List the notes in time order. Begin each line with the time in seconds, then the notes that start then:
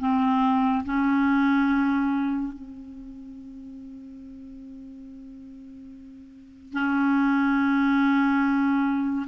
0.00 C4
0.85 C#4
2.53 C4
6.73 C#4